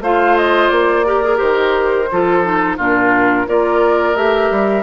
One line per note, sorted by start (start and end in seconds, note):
0.00 0.69 A3
0.00 1.06 F4
0.00 1.05 C5
0.00 0.37 F5
0.37 0.68 D#5
0.68 1.40 A#3
0.68 1.37 D5
1.05 1.23 G4
1.05 2.09 A#4
1.23 1.36 G#4
1.36 2.09 D#3
1.36 2.05 G4
1.36 2.76 C5
2.11 2.77 F3
2.11 2.42 F4
2.11 2.77 A4
2.42 2.77 D#4
2.77 3.46 A#2
2.77 3.47 D4
2.77 3.46 F4
2.77 3.48 A#4
3.47 4.15 A#3
3.47 4.15 F4
3.47 4.83 A#4
3.47 4.15 D5
4.15 4.50 A3
4.15 4.83 G4
4.15 4.83 E5
4.51 4.83 G3